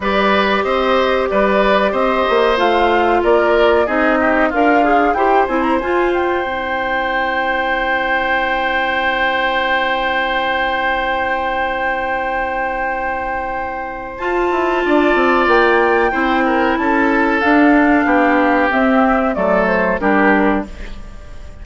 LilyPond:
<<
  \new Staff \with { instrumentName = "flute" } { \time 4/4 \tempo 4 = 93 d''4 dis''4 d''4 dis''4 | f''4 d''4 dis''4 f''4 | g''8 gis''16 ais''16 gis''8 g''2~ g''8~ | g''1~ |
g''1~ | g''2 a''2 | g''2 a''4 f''4~ | f''4 e''4 d''8 c''8 ais'4 | }
  \new Staff \with { instrumentName = "oboe" } { \time 4/4 b'4 c''4 b'4 c''4~ | c''4 ais'4 gis'8 g'8 f'4 | c''1~ | c''1~ |
c''1~ | c''2. d''4~ | d''4 c''8 ais'8 a'2 | g'2 a'4 g'4 | }
  \new Staff \with { instrumentName = "clarinet" } { \time 4/4 g'1 | f'2 dis'4 ais'8 gis'8 | g'8 e'8 f'4 e'2~ | e'1~ |
e'1~ | e'2 f'2~ | f'4 e'2 d'4~ | d'4 c'4 a4 d'4 | }
  \new Staff \with { instrumentName = "bassoon" } { \time 4/4 g4 c'4 g4 c'8 ais8 | a4 ais4 c'4 d'4 | e'8 c'8 f'4 c'2~ | c'1~ |
c'1~ | c'2 f'8 e'8 d'8 c'8 | ais4 c'4 cis'4 d'4 | b4 c'4 fis4 g4 | }
>>